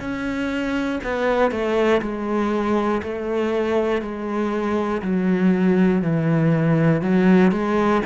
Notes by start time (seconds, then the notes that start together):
0.00 C#4
1.04 B3
1.52 A3
2.02 G#3
3.03 A3
4.02 G#3
5.02 F#3
6.03 E3
7.02 F#3
7.52 G#3